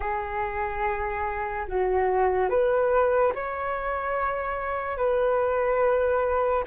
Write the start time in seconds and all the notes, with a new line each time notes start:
0.00 G#4
1.67 F#4
2.49 B4
3.34 C#5
4.97 B4